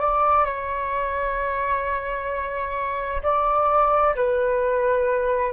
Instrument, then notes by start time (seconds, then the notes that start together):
flute
0.00 D5
0.45 C#5
3.23 D5
4.15 B4